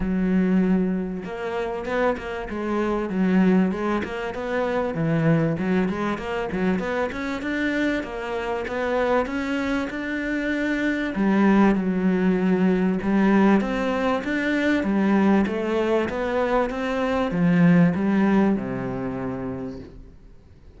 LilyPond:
\new Staff \with { instrumentName = "cello" } { \time 4/4 \tempo 4 = 97 fis2 ais4 b8 ais8 | gis4 fis4 gis8 ais8 b4 | e4 fis8 gis8 ais8 fis8 b8 cis'8 | d'4 ais4 b4 cis'4 |
d'2 g4 fis4~ | fis4 g4 c'4 d'4 | g4 a4 b4 c'4 | f4 g4 c2 | }